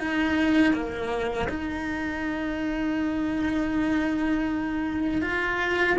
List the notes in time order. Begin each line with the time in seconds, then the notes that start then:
0.00 D#4
0.74 A#3
1.49 D#4
5.22 F4